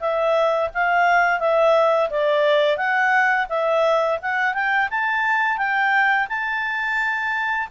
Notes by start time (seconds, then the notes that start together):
0.00 E5
0.74 F5
1.40 E5
2.10 D5
2.77 F#5
3.49 E5
4.22 F#5
4.54 G5
4.90 A5
5.58 G5
6.29 A5